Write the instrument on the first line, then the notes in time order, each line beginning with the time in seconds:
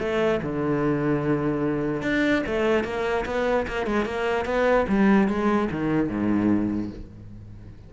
cello
0.00 A3
0.42 D3
2.02 D4
2.47 A3
2.84 A#3
3.26 B3
3.68 A#3
3.87 G#3
4.05 A#3
4.45 B3
4.89 G3
5.28 G#3
5.72 D#3
6.09 G#2